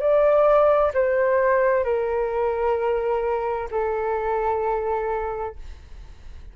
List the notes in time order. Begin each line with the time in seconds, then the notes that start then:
0.00 D5
0.94 C5
1.84 A#4
3.71 A4